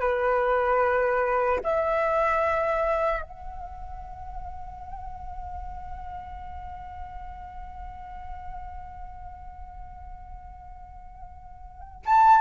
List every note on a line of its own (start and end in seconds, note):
0.00 1.60 B4
1.63 3.22 E5
3.22 12.02 F#5
12.05 12.41 A5